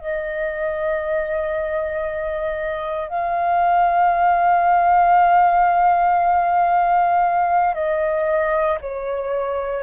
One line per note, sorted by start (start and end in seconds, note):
0.00 3.09 D#5
3.09 7.74 F5
7.74 8.78 D#5
8.81 9.83 C#5